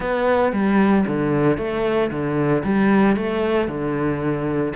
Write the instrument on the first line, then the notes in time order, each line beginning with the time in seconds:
cello
0.00 B3
0.52 G3
1.06 D3
1.57 A3
2.10 D3
2.63 G3
3.16 A3
3.67 D3